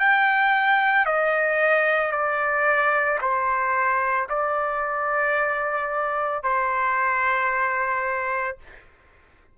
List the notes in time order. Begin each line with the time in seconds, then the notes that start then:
0.00 G5
1.06 D#5
2.12 D5
3.21 C5
4.29 D5
6.43 C5